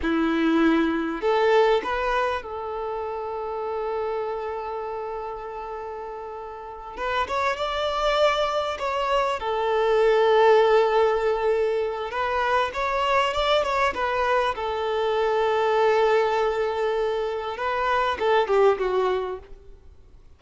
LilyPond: \new Staff \with { instrumentName = "violin" } { \time 4/4 \tempo 4 = 99 e'2 a'4 b'4 | a'1~ | a'2.~ a'8 b'8 | cis''8 d''2 cis''4 a'8~ |
a'1 | b'4 cis''4 d''8 cis''8 b'4 | a'1~ | a'4 b'4 a'8 g'8 fis'4 | }